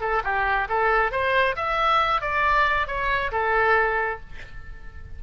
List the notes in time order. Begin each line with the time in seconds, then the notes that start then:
0.00 A4
0.23 G4
0.68 A4
1.11 C5
1.56 E5
2.21 D5
2.87 C#5
3.31 A4